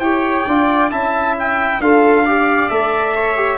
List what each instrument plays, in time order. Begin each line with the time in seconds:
0.00 tuba E4, trombone G4, viola C#5, trumpet G5
0.47 tuba D4, trombone F4, viola D5
0.91 tuba C#4, trombone E4, viola E5, trumpet A5
1.39 trumpet G5
1.80 tuba D4, trombone F4, viola A4, trumpet F5
2.25 trombone G4, viola D5
2.69 tuba A3, trombone A4, trumpet E5
3.16 viola C#5
3.36 trombone G4